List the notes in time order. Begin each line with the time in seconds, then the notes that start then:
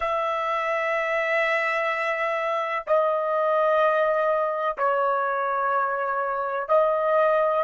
0.00 E5
2.87 D#5
4.77 C#5
6.68 D#5